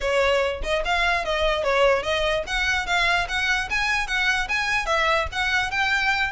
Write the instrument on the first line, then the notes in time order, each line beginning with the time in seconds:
violin
0.01 C#5
0.62 D#5
0.84 F5
1.24 D#5
1.63 C#5
2.03 D#5
2.46 F#5
2.86 F5
3.28 F#5
3.69 G#5
4.07 F#5
4.48 G#5
4.86 E5
5.32 F#5
5.71 G5